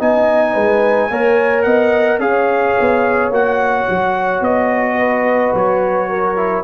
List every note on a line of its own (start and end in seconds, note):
0.00 0.56 B3
0.00 1.11 D#4
0.00 0.54 D#5
0.00 1.63 G#5
0.54 1.10 G#3
0.54 1.09 B4
1.10 1.66 A#3
1.10 2.21 A#4
1.10 1.66 C#5
1.63 2.19 B3
1.63 2.20 D#5
1.63 2.19 F#5
2.19 2.75 C#4
2.19 3.32 G#4
2.19 4.98 C#5
2.19 3.32 F5
2.80 3.30 B3
3.30 3.86 A#3
3.30 6.36 F#4
3.30 4.44 F#5
3.89 4.41 F#3
4.41 5.52 B3
4.41 5.55 D#5
4.98 6.09 B4
5.54 6.64 F#3
5.54 6.64 C#5
6.09 6.64 A#4
6.36 6.64 E4